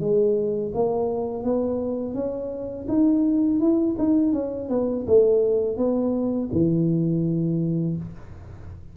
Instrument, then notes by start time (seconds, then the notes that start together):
tuba
0.00 G#3
0.74 A#3
1.44 B3
2.14 C#4
2.88 D#4
3.60 E4
3.99 D#4
4.33 C#4
4.70 B3
5.07 A3
5.77 B3
6.52 E3